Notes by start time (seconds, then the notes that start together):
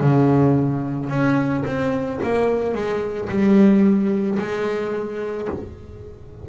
0.00 C#3
1.09 C#4
1.65 C4
2.23 A#3
2.74 G#3
3.29 G3
4.38 G#3